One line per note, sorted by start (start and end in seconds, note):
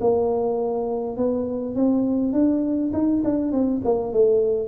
0.00 1.17 A#3
1.17 1.75 B3
1.75 2.32 C4
2.32 2.91 D4
2.93 3.22 D#4
3.24 3.52 D4
3.52 3.81 C4
3.84 4.13 A#3
4.13 4.68 A3